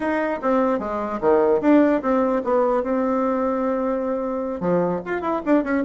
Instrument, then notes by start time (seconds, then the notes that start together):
bassoon
0.00 D#4
0.42 C4
0.79 G#3
1.20 D#3
1.61 D4
2.01 C4
2.44 B3
2.83 C4
4.60 F3
5.05 F4
5.21 E4
5.45 D4
5.63 C#4